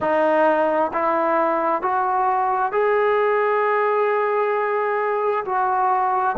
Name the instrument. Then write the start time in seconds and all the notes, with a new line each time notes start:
trombone
0.00 D#4
0.93 E4
1.82 F#4
2.71 G#4
5.45 F#4